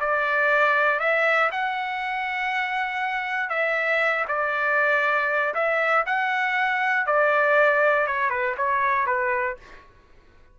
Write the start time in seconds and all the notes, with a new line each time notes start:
0.00 D5
0.99 E5
1.52 F#5
3.50 E5
4.28 D5
5.55 E5
6.06 F#5
7.07 D5
8.07 C#5
8.30 B4
8.57 C#5
9.06 B4